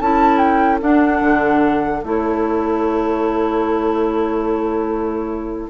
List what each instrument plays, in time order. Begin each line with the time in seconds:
0.00 bassoon C#4, clarinet E4, oboe A4, flute A5
0.38 flute G5
0.81 clarinet D4, bassoon D4, flute F#5
1.21 bassoon D3
2.03 bassoon A3, clarinet E4, flute C#5